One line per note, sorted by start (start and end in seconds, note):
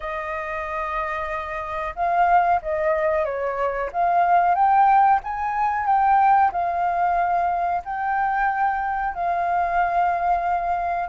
0.00 1.94 D#5
1.95 2.61 F5
2.61 3.24 D#5
3.24 3.90 C#5
3.92 4.54 F5
4.54 5.19 G5
5.24 5.85 G#5
5.85 6.51 G5
6.52 7.82 F5
7.84 9.14 G5
9.14 11.09 F5